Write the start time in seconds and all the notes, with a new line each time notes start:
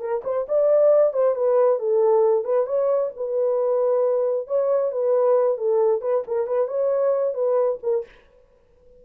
0.00 A#4
0.24 C5
0.48 D5
1.13 C5
1.35 B4
1.79 A4
2.44 B4
2.66 C#5
3.17 B4
4.47 C#5
4.92 B4
5.58 A4
6.02 B4
6.27 A#4
6.47 B4
6.68 C#5
7.34 B4
7.83 A#4